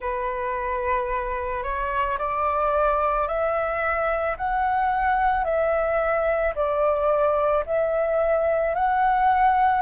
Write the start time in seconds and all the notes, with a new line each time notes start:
0.00 B4
1.63 C#5
2.18 D5
3.27 E5
4.37 F#5
5.44 E5
6.55 D5
7.66 E5
8.75 F#5